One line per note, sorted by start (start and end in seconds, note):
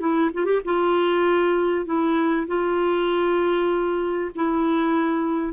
0.00 0.31 E4
0.34 0.45 F4
0.45 0.61 G4
0.65 1.86 F4
1.86 2.47 E4
2.47 4.31 F4
4.35 5.54 E4